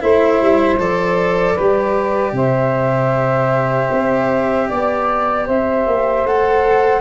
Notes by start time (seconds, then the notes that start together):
0.00 A3 E4 C5 E5
0.41 G3
0.79 F3 A4 D5
1.54 G3 G4 B4
2.32 C3 C5 E5
3.92 C4
4.69 B3 D5
5.45 C4 C5 E5
5.87 A#3
6.25 A3 A4 F#5